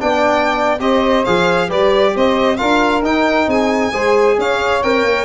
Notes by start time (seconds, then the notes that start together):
0.00 B3 D4 D5 G5
0.79 C4 G4 C5 D#5
1.25 F3 G#4 F5
1.67 G3 G4 B4 D5
2.15 C4 C5 D#5
2.57 D4 F4 A#4 F5
3.02 D#4 G5
3.47 C4 G#4 G#5
3.92 G#3 G#4 C5
4.38 C#4 C#5 F5
4.83 C4 A#4 G5
5.04 A#3